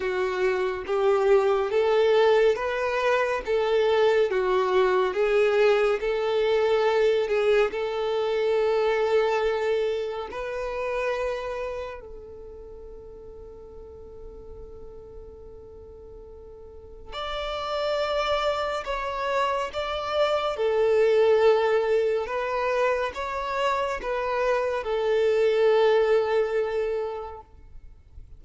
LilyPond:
\new Staff \with { instrumentName = "violin" } { \time 4/4 \tempo 4 = 70 fis'4 g'4 a'4 b'4 | a'4 fis'4 gis'4 a'4~ | a'8 gis'8 a'2. | b'2 a'2~ |
a'1 | d''2 cis''4 d''4 | a'2 b'4 cis''4 | b'4 a'2. | }